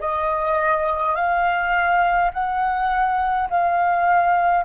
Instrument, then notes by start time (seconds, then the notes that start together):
flute
0.00 D#5
1.15 F5
2.33 F#5
3.49 F5